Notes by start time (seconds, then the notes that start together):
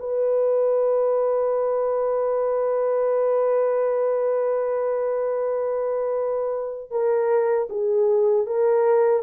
0.00 B4
6.91 A#4
7.70 G#4
8.47 A#4